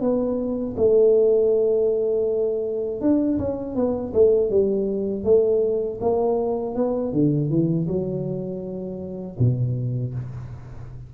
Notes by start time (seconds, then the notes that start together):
0.00 B3
0.77 A3
3.00 D4
3.38 C#4
3.75 B3
4.13 A3
4.50 G3
5.24 A3
6.00 A#3
6.75 B3
7.12 D3
7.50 E3
7.87 F#3
9.39 B2